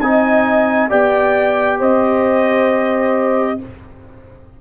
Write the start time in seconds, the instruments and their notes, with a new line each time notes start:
0.00 tuba C4, trombone D#4, horn D#5, trumpet G#5
0.89 tuba B3, trombone G4, horn D5, trumpet G5
1.78 tuba C4, horn C5, trumpet D#5